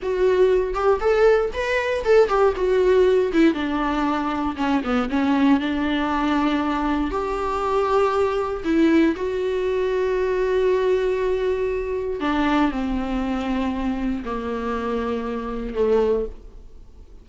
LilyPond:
\new Staff \with { instrumentName = "viola" } { \time 4/4 \tempo 4 = 118 fis'4. g'8 a'4 b'4 | a'8 g'8 fis'4. e'8 d'4~ | d'4 cis'8 b8 cis'4 d'4~ | d'2 g'2~ |
g'4 e'4 fis'2~ | fis'1 | d'4 c'2. | ais2. a4 | }